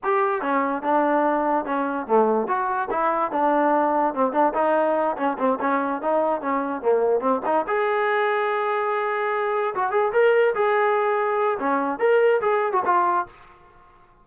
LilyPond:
\new Staff \with { instrumentName = "trombone" } { \time 4/4 \tempo 4 = 145 g'4 cis'4 d'2 | cis'4 a4 fis'4 e'4 | d'2 c'8 d'8 dis'4~ | dis'8 cis'8 c'8 cis'4 dis'4 cis'8~ |
cis'8 ais4 c'8 dis'8 gis'4.~ | gis'2.~ gis'8 fis'8 | gis'8 ais'4 gis'2~ gis'8 | cis'4 ais'4 gis'8. fis'16 f'4 | }